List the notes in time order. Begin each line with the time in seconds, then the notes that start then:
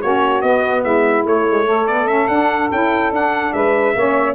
0.00 A#3 C#4 F#4 C#5
0.41 B3 D#5
0.83 G#3 E4 E5
1.24 A3 C#5
1.49 G#3
1.66 A3 A4
1.87 B3 D5
2.07 C#4 E5
2.28 D4 F#5
2.71 C#4 E4 G5
3.11 D4 F#5
3.53 G#3 B4 E5
3.95 A#3 C#4 C#5